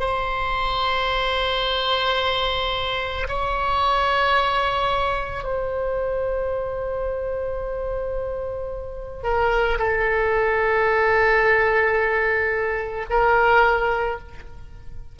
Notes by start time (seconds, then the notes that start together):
0.00 C5
3.28 C#5
5.44 C5
9.23 A#4
9.78 A4
13.10 A#4